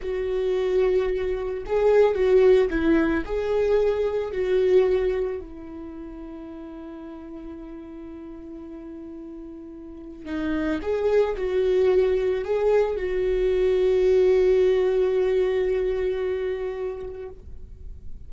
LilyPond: \new Staff \with { instrumentName = "viola" } { \time 4/4 \tempo 4 = 111 fis'2. gis'4 | fis'4 e'4 gis'2 | fis'2 e'2~ | e'1~ |
e'2. dis'4 | gis'4 fis'2 gis'4 | fis'1~ | fis'1 | }